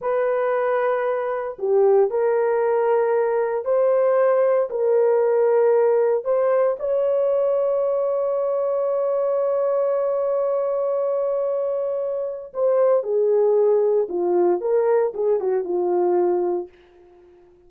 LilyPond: \new Staff \with { instrumentName = "horn" } { \time 4/4 \tempo 4 = 115 b'2. g'4 | ais'2. c''4~ | c''4 ais'2. | c''4 cis''2.~ |
cis''1~ | cis''1 | c''4 gis'2 f'4 | ais'4 gis'8 fis'8 f'2 | }